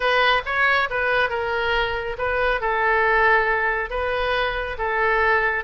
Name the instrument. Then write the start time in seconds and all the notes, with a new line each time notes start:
oboe
0.00 B4
0.45 C#5
0.90 B4
1.29 A#4
2.17 B4
2.60 A4
3.90 B4
4.77 A4